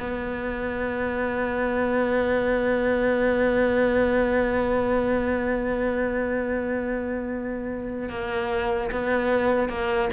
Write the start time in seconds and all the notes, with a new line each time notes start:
0.00 B3
8.09 A#3
8.92 B3
9.69 A#3